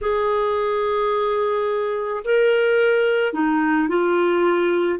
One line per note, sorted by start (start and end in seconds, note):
0.01 2.23 G#4
2.24 3.33 A#4
3.33 3.88 D#4
3.88 4.99 F4